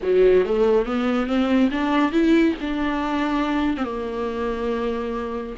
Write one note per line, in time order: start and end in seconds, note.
0.02 0.45 F#3
0.45 0.85 A3
0.85 1.26 B3
1.26 1.69 C4
1.71 2.11 D4
2.11 2.54 E4
2.60 3.77 D4
3.77 3.84 C4
3.84 5.55 A#3